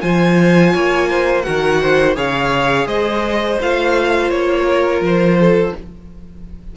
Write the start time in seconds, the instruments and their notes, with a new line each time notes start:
0.00 cello F3, viola F4, violin C5 G#5
0.73 cello A#3, violin C#5
1.09 violin C5
1.42 cello D#3, viola F#4, violin A#4 F#5
1.81 violin C5
2.15 cello C#3, viola G#4, violin C#5 F5
2.86 cello G#3, violin C5 D#5
3.61 cello A3, viola F4, violin F5
4.30 cello A#3, violin C#5
4.66 violin A#4
5.00 cello F3, violin C5
5.40 violin A4